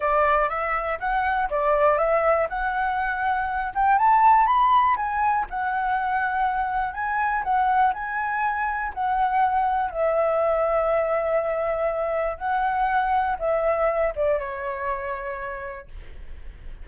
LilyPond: \new Staff \with { instrumentName = "flute" } { \time 4/4 \tempo 4 = 121 d''4 e''4 fis''4 d''4 | e''4 fis''2~ fis''8 g''8 | a''4 b''4 gis''4 fis''4~ | fis''2 gis''4 fis''4 |
gis''2 fis''2 | e''1~ | e''4 fis''2 e''4~ | e''8 d''8 cis''2. | }